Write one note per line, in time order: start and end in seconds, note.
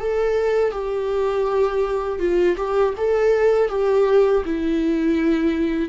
0.00 0.72 A4
0.72 2.19 G4
2.19 2.56 F4
2.57 2.94 G4
2.97 3.69 A4
3.69 4.43 G4
4.45 5.89 E4